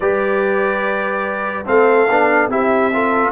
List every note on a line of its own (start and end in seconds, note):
0.00 1.64 G3
0.00 1.65 G4
0.00 1.67 B4
0.00 1.66 D5
1.65 2.08 A3
1.65 2.07 C4
1.65 2.50 A4
1.65 2.50 F5
2.08 2.47 B3
2.08 2.50 D4
2.47 3.30 C4
2.47 2.91 E4
2.47 2.92 G4
2.47 3.31 E5
2.93 3.31 F4
2.93 3.31 A4